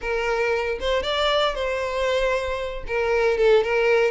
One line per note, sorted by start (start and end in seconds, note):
0.01 0.78 A#4
0.79 1.03 C5
1.03 1.54 D5
1.54 2.84 C5
2.87 3.37 A#4
3.37 3.63 A4
3.63 4.11 A#4